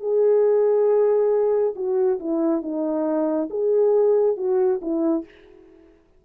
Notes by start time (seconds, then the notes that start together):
0.00 G#4
1.75 F#4
2.20 E4
2.62 D#4
3.50 G#4
4.37 F#4
4.81 E4